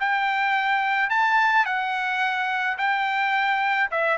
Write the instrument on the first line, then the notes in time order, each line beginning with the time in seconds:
trumpet
0.00 G5
1.10 A5
1.65 F#5
2.78 G5
3.91 E5